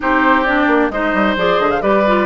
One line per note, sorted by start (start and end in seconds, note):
0.00 0.67 C4
0.00 0.45 D#4
0.00 0.92 G4
0.00 0.43 C5
0.43 0.91 D4
0.43 0.89 D5
0.67 0.90 A#3
0.90 1.13 G#3
0.90 1.37 D#4
0.90 1.82 C5
0.90 1.35 D#5
1.13 1.36 G3
1.36 1.59 F3
1.36 1.81 G#4
1.36 1.60 D5
1.59 1.81 D3
1.59 1.70 D#5
1.70 1.81 F5
1.81 2.26 G3
1.81 2.04 G4
1.81 2.26 B4
1.81 2.26 D5
2.06 2.26 F4